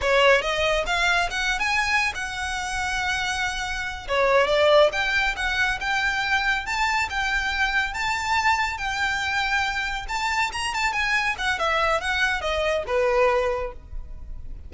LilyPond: \new Staff \with { instrumentName = "violin" } { \time 4/4 \tempo 4 = 140 cis''4 dis''4 f''4 fis''8. gis''16~ | gis''4 fis''2.~ | fis''4. cis''4 d''4 g''8~ | g''8 fis''4 g''2 a''8~ |
a''8 g''2 a''4.~ | a''8 g''2. a''8~ | a''8 ais''8 a''8 gis''4 fis''8 e''4 | fis''4 dis''4 b'2 | }